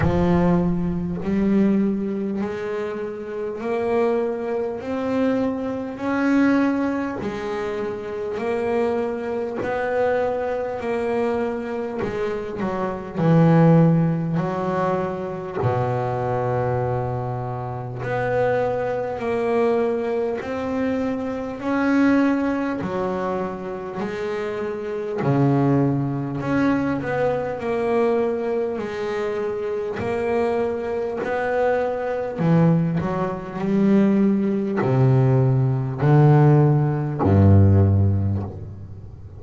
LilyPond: \new Staff \with { instrumentName = "double bass" } { \time 4/4 \tempo 4 = 50 f4 g4 gis4 ais4 | c'4 cis'4 gis4 ais4 | b4 ais4 gis8 fis8 e4 | fis4 b,2 b4 |
ais4 c'4 cis'4 fis4 | gis4 cis4 cis'8 b8 ais4 | gis4 ais4 b4 e8 fis8 | g4 c4 d4 g,4 | }